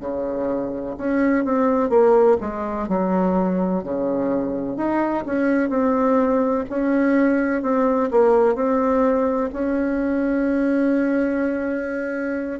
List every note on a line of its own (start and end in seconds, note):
0.00 0.95 C#3
0.97 1.45 C#4
1.45 1.89 C4
1.89 2.37 A#3
2.40 2.88 G#3
2.88 3.83 F#3
3.83 4.76 C#3
4.76 5.24 D#4
5.26 5.69 C#4
5.69 6.65 C4
6.69 7.62 C#4
7.62 8.10 C4
8.11 8.55 A#3
8.55 9.50 C4
9.52 12.60 C#4